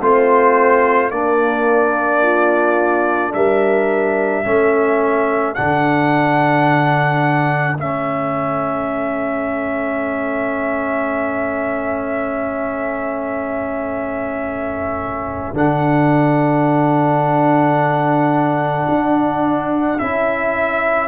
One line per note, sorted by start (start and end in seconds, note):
0.00 1.10 A3
0.00 1.11 C4
0.00 1.11 F4
0.00 1.10 C5
1.10 3.33 A#3
1.10 2.21 A#3
1.10 4.44 D4
1.10 3.33 D5
2.21 3.32 F4
3.33 4.45 G3
3.33 4.45 A#4
3.33 5.54 E5
4.44 5.56 A3
4.44 5.55 C#4
4.44 21.08 A4
5.54 7.77 D3
5.54 7.77 D4
5.54 7.76 F#5
7.77 15.53 A3
7.77 15.54 C#4
7.77 15.56 E5
15.53 18.86 D3
15.53 19.99 D4
15.53 19.98 F#5
18.88 20.00 D4
19.98 21.08 C#4
19.98 21.08 E4
19.98 21.08 E5